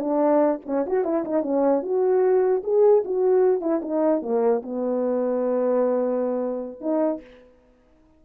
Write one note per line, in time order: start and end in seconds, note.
0.00 0.60 D4
0.66 0.86 C#4
0.86 1.05 F#4
1.05 1.25 E4
1.25 1.43 D#4
1.43 1.83 C#4
1.83 2.63 F#4
2.64 3.04 G#4
3.05 3.61 F#4
3.61 3.81 E4
3.82 4.22 D#4
4.22 4.62 A#3
4.62 6.81 B3
6.81 7.21 D#4